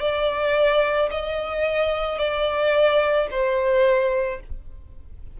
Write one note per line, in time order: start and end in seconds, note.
0.00 1.09 D5
1.11 2.19 D#5
2.19 3.28 D5
3.31 4.40 C5